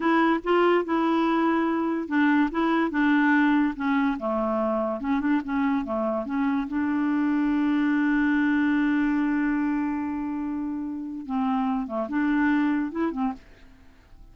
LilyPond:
\new Staff \with { instrumentName = "clarinet" } { \time 4/4 \tempo 4 = 144 e'4 f'4 e'2~ | e'4 d'4 e'4 d'4~ | d'4 cis'4 a2 | cis'8 d'8 cis'4 a4 cis'4 |
d'1~ | d'1~ | d'2. c'4~ | c'8 a8 d'2 e'8 c'8 | }